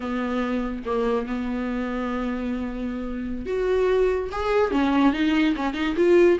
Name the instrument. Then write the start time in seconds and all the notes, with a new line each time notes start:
viola
0.00 B3
0.85 A#3
1.26 B3
3.45 F#4
4.31 G#4
4.71 C#4
5.13 D#4
5.56 C#4
5.73 D#4
5.96 F4